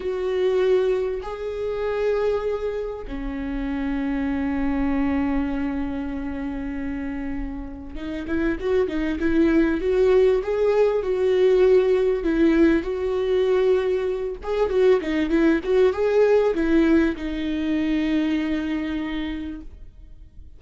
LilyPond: \new Staff \with { instrumentName = "viola" } { \time 4/4 \tempo 4 = 98 fis'2 gis'2~ | gis'4 cis'2.~ | cis'1~ | cis'4 dis'8 e'8 fis'8 dis'8 e'4 |
fis'4 gis'4 fis'2 | e'4 fis'2~ fis'8 gis'8 | fis'8 dis'8 e'8 fis'8 gis'4 e'4 | dis'1 | }